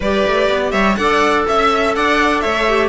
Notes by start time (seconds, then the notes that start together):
0.00 G3 G4 B4 D5
0.26 A3
0.49 B3
0.71 G3 C#5 E5
0.95 D4 A4 D5 F#5
1.48 C#4 E5
1.95 D4 D5 F#5
2.40 A3 C#5 E5
2.68 G4